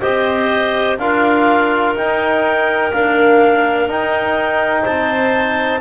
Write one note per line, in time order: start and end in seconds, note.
0.00 0.99 C4
0.00 0.98 G4
0.00 0.97 C5
0.00 0.97 D#5
0.98 1.95 D4
0.98 1.97 F4
0.98 4.83 A#4
0.98 1.95 F5
1.95 2.92 D#4
1.95 2.93 G5
2.92 3.88 A#3
2.92 3.88 D4
2.92 3.89 F5
3.88 5.80 D#4
3.88 4.85 D#4
3.88 4.85 G5
4.83 5.80 C4
4.83 5.79 C5
4.83 5.80 A5